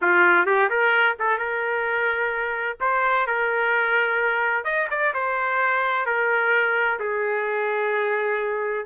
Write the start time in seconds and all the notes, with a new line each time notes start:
0.01 F4
0.46 G4
0.69 A#4
1.19 A4
1.38 A#4
2.80 C5
3.27 A#4
4.64 D#5
4.90 D5
5.14 C5
6.06 A#4
6.99 G#4